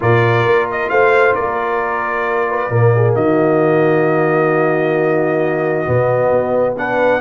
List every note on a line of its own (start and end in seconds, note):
0.00 0.45 A#2
0.00 2.70 F4
0.00 0.90 A#4
0.00 0.69 D5
0.45 0.90 A#3
0.71 0.89 D#5
0.89 1.35 A3
0.89 1.35 C5
0.89 1.34 F5
1.34 2.69 A#3
1.34 2.48 A#4
1.34 3.14 D5
2.49 2.71 B4
2.69 3.14 A#2
2.69 5.85 A#3
2.69 2.93 A#4
2.95 3.16 G#4
3.14 5.86 D#3
3.14 6.76 F#4
3.14 6.75 D#5
5.85 6.30 B2
5.85 6.76 B3
6.30 7.20 B3
6.77 7.21 D4
6.77 7.21 B4
6.77 7.21 F#5